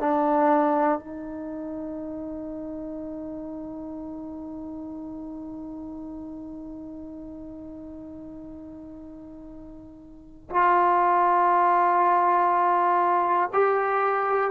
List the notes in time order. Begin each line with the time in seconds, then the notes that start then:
0.00 D4
1.00 D#4
10.50 F4
13.53 G4